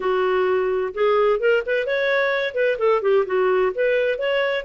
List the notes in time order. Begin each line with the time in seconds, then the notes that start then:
0.00 F#4
0.94 G#4
1.39 A#4
1.66 B4
1.86 C#5
2.54 B4
2.78 A4
3.02 G4
3.26 F#4
3.74 B4
4.18 C#5